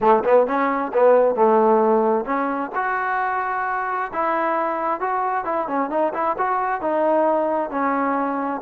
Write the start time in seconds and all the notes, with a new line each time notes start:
0.00 A3
0.24 B3
0.46 C#4
0.93 B3
1.35 A3
2.25 C#4
2.75 F#4
4.13 E4
5.00 F#4
5.44 E4
5.67 C#4
5.90 D#4
6.13 E4
6.38 F#4
6.81 D#4
7.70 C#4